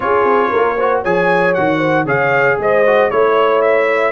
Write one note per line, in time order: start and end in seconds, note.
0.00 0.24 C#4
0.00 0.77 F4
0.00 0.50 G#4
0.00 1.01 C#5
0.24 0.50 C4
0.50 1.04 A#3
0.50 0.76 A#4
0.77 1.05 F#4
0.77 1.01 C5
1.01 1.56 F3
1.01 1.56 G#4
1.01 1.78 C#5
1.01 1.54 G#5
1.54 2.05 D#3
1.54 2.06 F#4
1.54 2.05 F#5
1.78 2.04 C5
2.05 2.57 C#3
2.05 2.83 G#4
2.05 2.56 C#5
2.05 2.59 F5
2.58 3.10 G#3
2.58 3.11 C5
2.58 3.10 D#5
2.86 3.11 F#4
3.10 4.12 A3
3.10 4.12 E4
3.10 3.61 C#5
3.10 4.12 C#5
3.61 4.12 E5